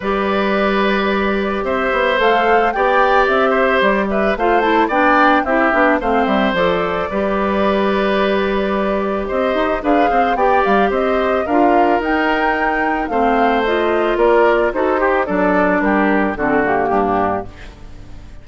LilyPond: <<
  \new Staff \with { instrumentName = "flute" } { \time 4/4 \tempo 4 = 110 d''2. e''4 | f''4 g''4 e''4 d''8 e''8 | f''8 a''8 g''4 e''4 f''8 e''8 | d''1~ |
d''4 dis''4 f''4 g''8 f''8 | dis''4 f''4 g''2 | f''4 dis''4 d''4 c''4 | d''4 ais'4 a'8 g'4. | }
  \new Staff \with { instrumentName = "oboe" } { \time 4/4 b'2. c''4~ | c''4 d''4. c''4 b'8 | c''4 d''4 g'4 c''4~ | c''4 b'2.~ |
b'4 c''4 b'8 c''8 d''4 | c''4 ais'2. | c''2 ais'4 a'8 g'8 | a'4 g'4 fis'4 d'4 | }
  \new Staff \with { instrumentName = "clarinet" } { \time 4/4 g'1 | a'4 g'2. | f'8 e'8 d'4 e'8 d'8 c'4 | a'4 g'2.~ |
g'2 gis'4 g'4~ | g'4 f'4 dis'2 | c'4 f'2 fis'8 g'8 | d'2 c'8 ais4. | }
  \new Staff \with { instrumentName = "bassoon" } { \time 4/4 g2. c'8 b8 | a4 b4 c'4 g4 | a4 b4 c'8 b8 a8 g8 | f4 g2.~ |
g4 c'8 dis'8 d'8 c'8 b8 g8 | c'4 d'4 dis'2 | a2 ais4 dis'4 | fis4 g4 d4 g,4 | }
>>